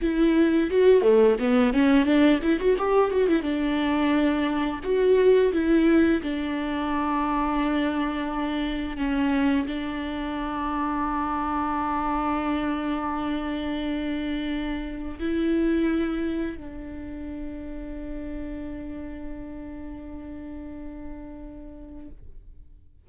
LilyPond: \new Staff \with { instrumentName = "viola" } { \time 4/4 \tempo 4 = 87 e'4 fis'8 a8 b8 cis'8 d'8 e'16 fis'16 | g'8 fis'16 e'16 d'2 fis'4 | e'4 d'2.~ | d'4 cis'4 d'2~ |
d'1~ | d'2 e'2 | d'1~ | d'1 | }